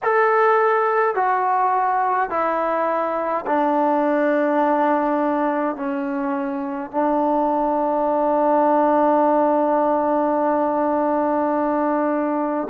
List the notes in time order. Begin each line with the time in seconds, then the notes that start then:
0.03 A4
1.15 F#4
2.30 E4
3.46 D4
5.75 C#4
6.91 D4